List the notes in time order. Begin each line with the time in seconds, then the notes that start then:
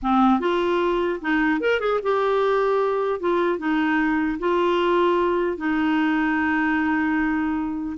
0.02 C4
0.40 F4
1.21 D#4
1.60 A#4
1.79 G#4
2.02 G4
3.20 F4
3.58 D#4
4.39 F4
5.57 D#4